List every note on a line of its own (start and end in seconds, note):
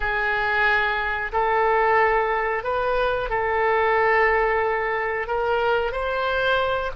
0.00 1.32 G#4
1.32 2.63 A4
2.63 3.29 B4
3.29 5.27 A4
5.27 5.92 A#4
5.92 6.91 C5